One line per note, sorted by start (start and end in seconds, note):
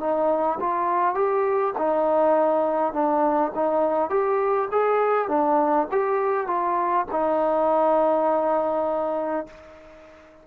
0.00 0.59 D#4
0.60 1.15 F4
1.15 1.74 G4
1.78 2.93 D#4
2.93 3.52 D4
3.55 4.10 D#4
4.10 4.68 G4
4.72 5.28 G#4
5.28 5.87 D4
5.91 6.47 G4
6.47 7.06 F4
7.11 9.47 D#4